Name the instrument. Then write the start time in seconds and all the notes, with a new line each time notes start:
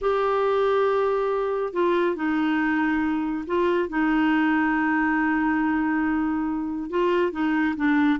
clarinet
0.01 G4
1.73 F4
2.15 D#4
3.46 F4
3.88 D#4
6.90 F4
7.31 D#4
7.76 D4